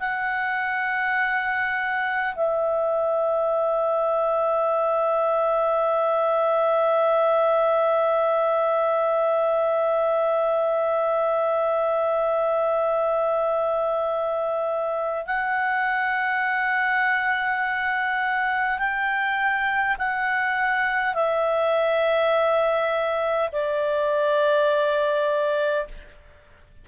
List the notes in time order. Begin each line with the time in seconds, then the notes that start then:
0.00 F#5
2.35 E5
15.27 F#5
18.79 G5
19.98 F#5
21.15 E5
23.53 D5